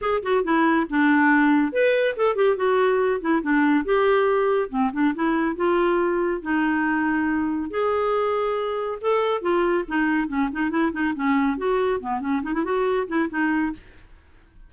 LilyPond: \new Staff \with { instrumentName = "clarinet" } { \time 4/4 \tempo 4 = 140 gis'8 fis'8 e'4 d'2 | b'4 a'8 g'8 fis'4. e'8 | d'4 g'2 c'8 d'8 | e'4 f'2 dis'4~ |
dis'2 gis'2~ | gis'4 a'4 f'4 dis'4 | cis'8 dis'8 e'8 dis'8 cis'4 fis'4 | b8 cis'8 dis'16 e'16 fis'4 e'8 dis'4 | }